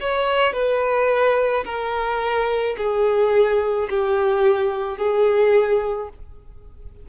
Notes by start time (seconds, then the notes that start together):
0.00 C#5
0.53 B4
1.64 A#4
2.77 G#4
3.89 G4
4.97 G#4